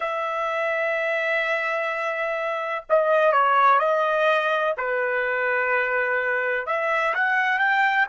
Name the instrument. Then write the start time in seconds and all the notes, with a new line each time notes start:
trumpet
0.00 E5
2.89 D#5
3.32 C#5
3.79 D#5
4.77 B4
6.66 E5
7.14 F#5
7.58 G5